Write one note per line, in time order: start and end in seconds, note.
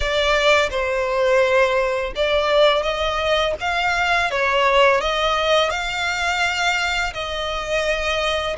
0.00 0.69 D5
0.70 2.13 C5
2.15 2.82 D5
2.82 3.54 D#5
3.60 4.31 F5
4.31 5.00 C#5
5.00 5.70 D#5
5.70 7.13 F5
7.13 8.56 D#5